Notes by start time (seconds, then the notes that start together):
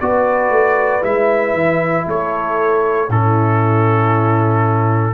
0.00 B3 F#4 B4 D5
0.50 A3
1.02 G#3 E4 E5
1.53 E3
2.06 A3 A4 C#5
3.09 A2 C#4 E4 A4